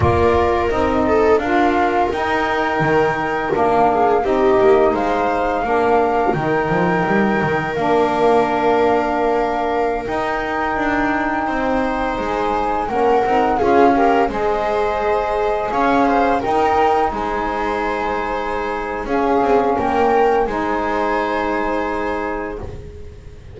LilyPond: <<
  \new Staff \with { instrumentName = "flute" } { \time 4/4 \tempo 4 = 85 d''4 dis''4 f''4 g''4~ | g''4 f''4 dis''4 f''4~ | f''4 g''2 f''4~ | f''2~ f''16 g''4.~ g''16~ |
g''4~ g''16 gis''4 fis''4 f''8.~ | f''16 dis''2 f''4 g''8.~ | g''16 gis''2~ gis''8. f''4 | g''4 gis''2. | }
  \new Staff \with { instrumentName = "viola" } { \time 4/4 ais'4. a'8 ais'2~ | ais'4. gis'8 g'4 c''4 | ais'1~ | ais'1~ |
ais'16 c''2 ais'4 gis'8 ais'16~ | ais'16 c''2 cis''8 c''8 ais'8.~ | ais'16 c''2~ c''8. gis'4 | ais'4 c''2. | }
  \new Staff \with { instrumentName = "saxophone" } { \time 4/4 f'4 dis'4 f'4 dis'4~ | dis'4 d'4 dis'2 | d'4 dis'2 d'4~ | d'2~ d'16 dis'4.~ dis'16~ |
dis'2~ dis'16 cis'8 dis'8 f'8 g'16~ | g'16 gis'2. dis'8.~ | dis'2. cis'4~ | cis'4 dis'2. | }
  \new Staff \with { instrumentName = "double bass" } { \time 4/4 ais4 c'4 d'4 dis'4 | dis4 ais4 c'8 ais8 gis4 | ais4 dis8 f8 g8 dis8 ais4~ | ais2~ ais16 dis'4 d'8.~ |
d'16 c'4 gis4 ais8 c'8 cis'8.~ | cis'16 gis2 cis'4 dis'8.~ | dis'16 gis2~ gis8. cis'8 c'8 | ais4 gis2. | }
>>